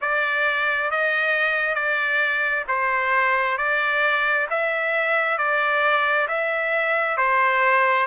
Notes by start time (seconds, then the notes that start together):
0.01 D5
0.90 D#5
1.74 D5
2.67 C5
3.57 D5
4.50 E5
5.38 D5
6.27 E5
7.17 C5